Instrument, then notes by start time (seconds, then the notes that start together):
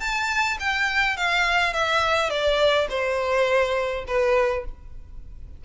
violin
0.00 A5
0.60 G5
1.17 F5
1.73 E5
2.30 D5
2.90 C5
4.07 B4